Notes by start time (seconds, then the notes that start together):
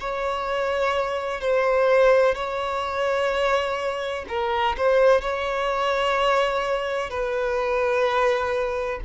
0.00 C#5
1.41 C5
2.35 C#5
4.28 A#4
4.77 C5
5.21 C#5
7.10 B4